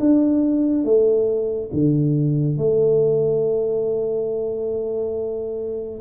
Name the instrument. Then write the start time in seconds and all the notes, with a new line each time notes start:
tuba
0.00 D4
0.85 A3
1.73 D3
2.58 A3